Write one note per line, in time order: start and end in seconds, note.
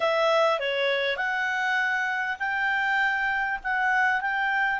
0.00 0.59 E5
0.59 1.16 C#5
1.16 2.36 F#5
2.39 3.59 G5
3.63 4.21 F#5
4.21 4.79 G5